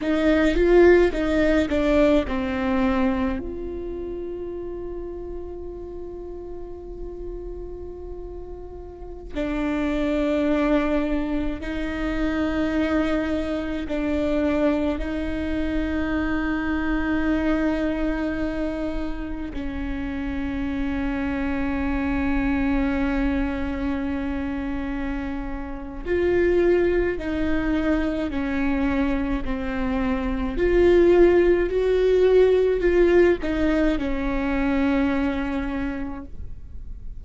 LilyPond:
\new Staff \with { instrumentName = "viola" } { \time 4/4 \tempo 4 = 53 dis'8 f'8 dis'8 d'8 c'4 f'4~ | f'1~ | f'16 d'2 dis'4.~ dis'16~ | dis'16 d'4 dis'2~ dis'8.~ |
dis'4~ dis'16 cis'2~ cis'8.~ | cis'2. f'4 | dis'4 cis'4 c'4 f'4 | fis'4 f'8 dis'8 cis'2 | }